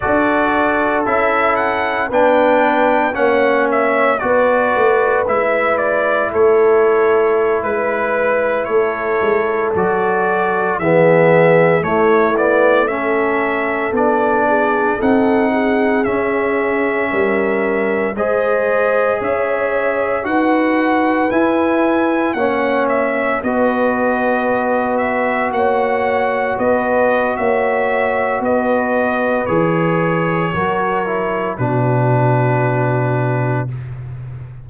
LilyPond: <<
  \new Staff \with { instrumentName = "trumpet" } { \time 4/4 \tempo 4 = 57 d''4 e''8 fis''8 g''4 fis''8 e''8 | d''4 e''8 d''8 cis''4~ cis''16 b'8.~ | b'16 cis''4 d''4 e''4 cis''8 d''16~ | d''16 e''4 d''4 fis''4 e''8.~ |
e''4~ e''16 dis''4 e''4 fis''8.~ | fis''16 gis''4 fis''8 e''8 dis''4. e''16~ | e''16 fis''4 dis''8. e''4 dis''4 | cis''2 b'2 | }
  \new Staff \with { instrumentName = "horn" } { \time 4/4 a'2 b'4 cis''4 | b'2 a'4~ a'16 b'8.~ | b'16 a'2 gis'4 e'8.~ | e'16 a'4. gis'8 a'8 gis'4~ gis'16~ |
gis'16 ais'4 c''4 cis''4 b'8.~ | b'4~ b'16 cis''4 b'4.~ b'16~ | b'16 cis''4 b'8. cis''4 b'4~ | b'4 ais'4 fis'2 | }
  \new Staff \with { instrumentName = "trombone" } { \time 4/4 fis'4 e'4 d'4 cis'4 | fis'4 e'2.~ | e'4~ e'16 fis'4 b4 a8 b16~ | b16 cis'4 d'4 dis'4 cis'8.~ |
cis'4~ cis'16 gis'2 fis'8.~ | fis'16 e'4 cis'4 fis'4.~ fis'16~ | fis'1 | gis'4 fis'8 e'8 d'2 | }
  \new Staff \with { instrumentName = "tuba" } { \time 4/4 d'4 cis'4 b4 ais4 | b8 a8 gis4 a4~ a16 gis8.~ | gis16 a8 gis8 fis4 e4 a8.~ | a4~ a16 b4 c'4 cis'8.~ |
cis'16 g4 gis4 cis'4 dis'8.~ | dis'16 e'4 ais4 b4.~ b16~ | b16 ais4 b8. ais4 b4 | e4 fis4 b,2 | }
>>